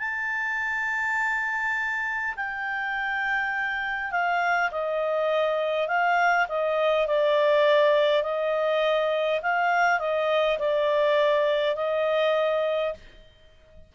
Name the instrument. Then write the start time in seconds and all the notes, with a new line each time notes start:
clarinet
0.00 A5
2.36 G5
4.12 F5
4.72 D#5
5.88 F5
6.49 D#5
7.07 D5
8.24 D#5
9.43 F5
10.00 D#5
10.59 D5
11.76 D#5